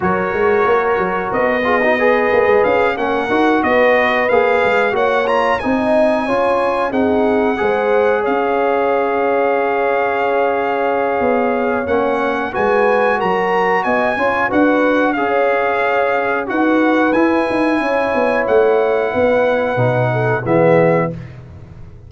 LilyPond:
<<
  \new Staff \with { instrumentName = "trumpet" } { \time 4/4 \tempo 4 = 91 cis''2 dis''2 | f''8 fis''4 dis''4 f''4 fis''8 | ais''8 gis''2 fis''4.~ | fis''8 f''2.~ f''8~ |
f''2 fis''4 gis''4 | ais''4 gis''4 fis''4 f''4~ | f''4 fis''4 gis''2 | fis''2. e''4 | }
  \new Staff \with { instrumentName = "horn" } { \time 4/4 ais'2~ ais'8 gis'16 fis'16 b'4~ | b'8 ais'4 b'2 cis''8~ | cis''8 dis''4 cis''4 gis'4 c''8~ | c''8 cis''2.~ cis''8~ |
cis''2. b'4 | ais'4 dis''8 cis''8 b'4 cis''4~ | cis''4 b'2 cis''4~ | cis''4 b'4. a'8 gis'4 | }
  \new Staff \with { instrumentName = "trombone" } { \time 4/4 fis'2~ fis'8 f'16 dis'16 gis'4~ | gis'8 cis'8 fis'4. gis'4 fis'8 | f'8 dis'4 f'4 dis'4 gis'8~ | gis'1~ |
gis'2 cis'4 fis'4~ | fis'4. f'8 fis'4 gis'4~ | gis'4 fis'4 e'2~ | e'2 dis'4 b4 | }
  \new Staff \with { instrumentName = "tuba" } { \time 4/4 fis8 gis8 ais8 fis8 b4. ais16 gis16 | cis'8 ais8 dis'8 b4 ais8 gis8 ais8~ | ais8 c'4 cis'4 c'4 gis8~ | gis8 cis'2.~ cis'8~ |
cis'4 b4 ais4 gis4 | fis4 b8 cis'8 d'4 cis'4~ | cis'4 dis'4 e'8 dis'8 cis'8 b8 | a4 b4 b,4 e4 | }
>>